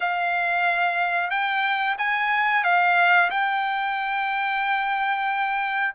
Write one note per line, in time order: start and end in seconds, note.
0.00 1.30 F5
1.30 1.96 G5
1.98 2.64 G#5
2.64 3.30 F5
3.30 5.94 G5